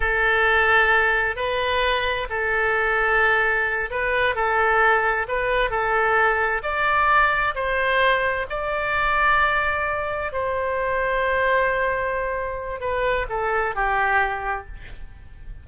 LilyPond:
\new Staff \with { instrumentName = "oboe" } { \time 4/4 \tempo 4 = 131 a'2. b'4~ | b'4 a'2.~ | a'8 b'4 a'2 b'8~ | b'8 a'2 d''4.~ |
d''8 c''2 d''4.~ | d''2~ d''8 c''4.~ | c''1 | b'4 a'4 g'2 | }